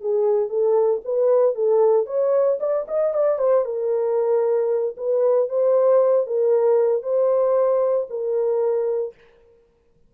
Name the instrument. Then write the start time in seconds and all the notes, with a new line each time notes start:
horn
0.00 G#4
0.48 A4
1.04 B4
1.55 A4
2.06 C#5
2.59 D5
2.88 D#5
3.13 D5
3.38 C5
3.65 A#4
4.97 B4
5.49 C5
6.26 A#4
7.02 C5
8.09 A#4